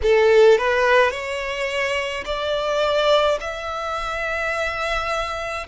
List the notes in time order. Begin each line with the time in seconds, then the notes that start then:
0.02 A4
0.58 B4
1.10 C#5
2.25 D5
3.40 E5